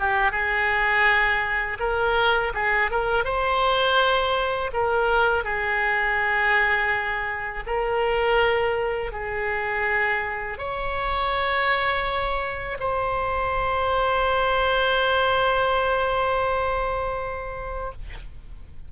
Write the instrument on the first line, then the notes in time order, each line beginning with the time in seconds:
oboe
0.00 G4
0.32 G#4
1.80 A#4
2.54 G#4
2.91 A#4
3.25 C5
4.73 A#4
5.44 G#4
7.67 A#4
9.12 G#4
10.58 C#5
12.80 C5